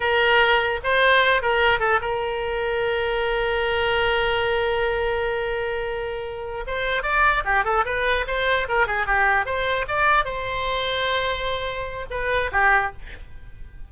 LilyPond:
\new Staff \with { instrumentName = "oboe" } { \time 4/4 \tempo 4 = 149 ais'2 c''4. ais'8~ | ais'8 a'8 ais'2.~ | ais'1~ | ais'1~ |
ais'8 c''4 d''4 g'8 a'8 b'8~ | b'8 c''4 ais'8 gis'8 g'4 c''8~ | c''8 d''4 c''2~ c''8~ | c''2 b'4 g'4 | }